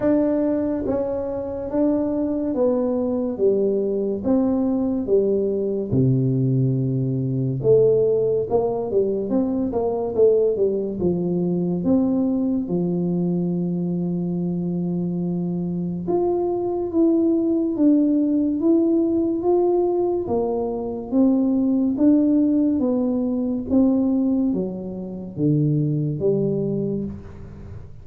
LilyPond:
\new Staff \with { instrumentName = "tuba" } { \time 4/4 \tempo 4 = 71 d'4 cis'4 d'4 b4 | g4 c'4 g4 c4~ | c4 a4 ais8 g8 c'8 ais8 | a8 g8 f4 c'4 f4~ |
f2. f'4 | e'4 d'4 e'4 f'4 | ais4 c'4 d'4 b4 | c'4 fis4 d4 g4 | }